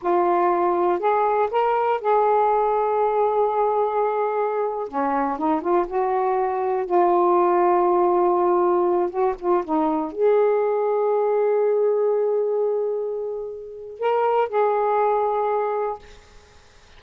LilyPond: \new Staff \with { instrumentName = "saxophone" } { \time 4/4 \tempo 4 = 120 f'2 gis'4 ais'4 | gis'1~ | gis'4.~ gis'16 cis'4 dis'8 f'8 fis'16~ | fis'4.~ fis'16 f'2~ f'16~ |
f'2~ f'16 fis'8 f'8 dis'8.~ | dis'16 gis'2.~ gis'8.~ | gis'1 | ais'4 gis'2. | }